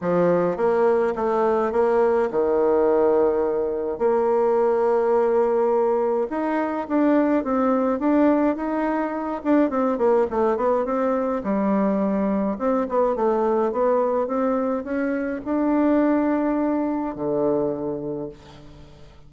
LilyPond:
\new Staff \with { instrumentName = "bassoon" } { \time 4/4 \tempo 4 = 105 f4 ais4 a4 ais4 | dis2. ais4~ | ais2. dis'4 | d'4 c'4 d'4 dis'4~ |
dis'8 d'8 c'8 ais8 a8 b8 c'4 | g2 c'8 b8 a4 | b4 c'4 cis'4 d'4~ | d'2 d2 | }